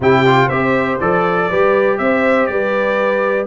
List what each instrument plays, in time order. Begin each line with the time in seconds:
0.00 tuba C3, trombone E4, horn G4, trumpet G5
0.26 trombone F4
0.45 tuba C4, trombone G4, horn C5, trumpet E5
0.99 tuba F3, trombone A4, trumpet D5
1.49 tuba G3, trombone G4, horn B4
1.98 tuba C4, horn C5, trumpet E5
2.46 tuba G3, horn B4, trumpet D5